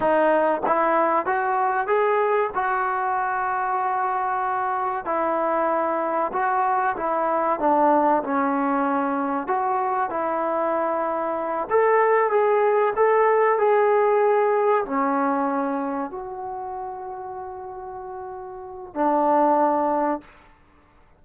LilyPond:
\new Staff \with { instrumentName = "trombone" } { \time 4/4 \tempo 4 = 95 dis'4 e'4 fis'4 gis'4 | fis'1 | e'2 fis'4 e'4 | d'4 cis'2 fis'4 |
e'2~ e'8 a'4 gis'8~ | gis'8 a'4 gis'2 cis'8~ | cis'4. fis'2~ fis'8~ | fis'2 d'2 | }